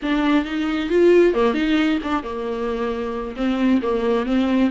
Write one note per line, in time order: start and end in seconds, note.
0.02 0.44 D4
0.44 0.89 D#4
0.89 1.34 F4
1.34 1.54 A#3
1.54 1.98 D#4
2.03 2.23 D4
2.23 3.35 A#3
3.36 3.81 C4
3.81 4.26 A#3
4.26 4.70 C4